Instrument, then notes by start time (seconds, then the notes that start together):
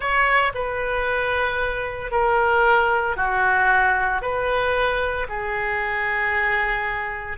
oboe
0.00 C#5
0.54 B4
2.11 A#4
3.16 F#4
4.21 B4
5.28 G#4